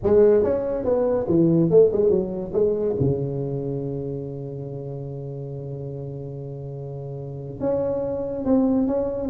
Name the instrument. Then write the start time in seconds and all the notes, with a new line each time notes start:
tuba
0.03 G#3
0.43 C#4
0.84 B3
1.28 E3
1.70 A3
1.92 G#3
2.10 F#3
2.53 G#3
3.00 C#3
7.60 C#4
8.44 C4
8.87 C#4